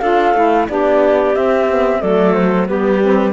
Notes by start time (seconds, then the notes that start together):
0.00 D4 F4 A4 F5
0.35 A3 E4
0.69 B3 D4 G4 D5
1.34 C4 E5
1.67 B3
2.00 F#3 A3 A4 D5
2.34 C5
2.67 G3 B3 G4 B4
3.02 C4